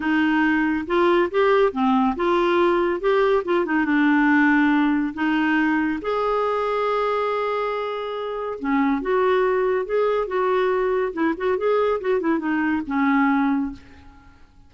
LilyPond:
\new Staff \with { instrumentName = "clarinet" } { \time 4/4 \tempo 4 = 140 dis'2 f'4 g'4 | c'4 f'2 g'4 | f'8 dis'8 d'2. | dis'2 gis'2~ |
gis'1 | cis'4 fis'2 gis'4 | fis'2 e'8 fis'8 gis'4 | fis'8 e'8 dis'4 cis'2 | }